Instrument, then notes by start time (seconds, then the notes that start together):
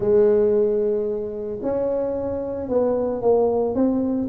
tuba
0.00 G#3
1.62 C#4
2.68 B3
3.21 A#3
3.74 C4